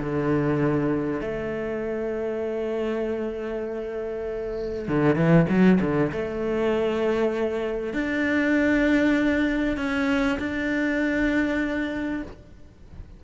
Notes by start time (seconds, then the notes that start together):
0.00 D3
1.22 A3
4.89 D3
5.16 E3
5.49 F#3
5.81 D3
6.13 A3
7.94 D4
9.77 C#4
10.39 D4